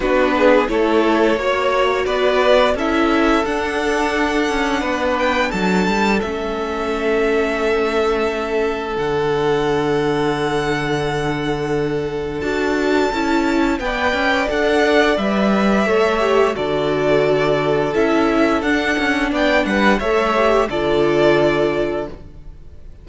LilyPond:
<<
  \new Staff \with { instrumentName = "violin" } { \time 4/4 \tempo 4 = 87 b'4 cis''2 d''4 | e''4 fis''2~ fis''8 g''8 | a''4 e''2.~ | e''4 fis''2.~ |
fis''2 a''2 | g''4 fis''4 e''2 | d''2 e''4 fis''4 | g''8 fis''8 e''4 d''2 | }
  \new Staff \with { instrumentName = "violin" } { \time 4/4 fis'8 gis'8 a'4 cis''4 b'4 | a'2. b'4 | a'1~ | a'1~ |
a'1 | d''2. cis''4 | a'1 | d''8 b'8 cis''4 a'2 | }
  \new Staff \with { instrumentName = "viola" } { \time 4/4 d'4 e'4 fis'2 | e'4 d'2.~ | d'4 cis'2.~ | cis'4 d'2.~ |
d'2 fis'4 e'4 | b'4 a'4 b'4 a'8 g'8 | fis'2 e'4 d'4~ | d'4 a'8 g'8 f'2 | }
  \new Staff \with { instrumentName = "cello" } { \time 4/4 b4 a4 ais4 b4 | cis'4 d'4. cis'8 b4 | fis8 g8 a2.~ | a4 d2.~ |
d2 d'4 cis'4 | b8 cis'8 d'4 g4 a4 | d2 cis'4 d'8 cis'8 | b8 g8 a4 d2 | }
>>